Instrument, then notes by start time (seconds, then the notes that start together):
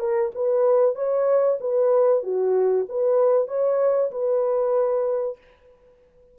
horn
0.00 A#4
0.36 B4
0.96 C#5
1.61 B4
2.24 F#4
2.89 B4
3.48 C#5
4.12 B4